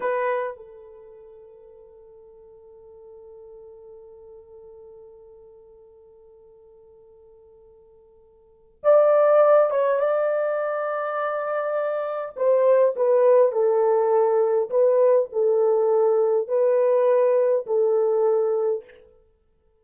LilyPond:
\new Staff \with { instrumentName = "horn" } { \time 4/4 \tempo 4 = 102 b'4 a'2.~ | a'1~ | a'1~ | a'2. d''4~ |
d''8 cis''8 d''2.~ | d''4 c''4 b'4 a'4~ | a'4 b'4 a'2 | b'2 a'2 | }